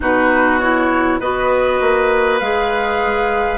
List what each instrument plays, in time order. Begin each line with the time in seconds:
0.00 bassoon B2, clarinet D#4, oboe F#4, flute B4
0.59 clarinet E4, flute C#5
1.20 bassoon B3, clarinet F#4, oboe B4, flute D#5
1.80 bassoon A#3
2.39 bassoon G#3, clarinet G#4, flute F5